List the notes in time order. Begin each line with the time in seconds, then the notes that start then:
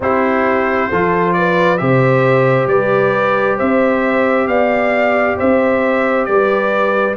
0.00 C4 E4 G4 C5
0.89 F3 F4 A4
1.33 B4 D5
1.77 C3 G4 C5 E5
2.66 G3 B4 D5
3.57 C4 C5 E5
4.47 B3 D5 F5
5.37 C4 C5 E5
6.25 G3 B4 D5